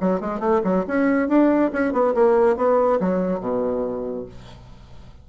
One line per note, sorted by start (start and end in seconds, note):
0.00 0.20 F#3
0.20 0.39 G#3
0.39 0.61 A3
0.64 0.85 F#3
0.87 1.28 C#4
1.28 1.71 D4
1.72 1.92 C#4
1.92 2.14 B3
2.14 2.56 A#3
2.56 2.99 B3
3.00 3.40 F#3
3.40 4.25 B2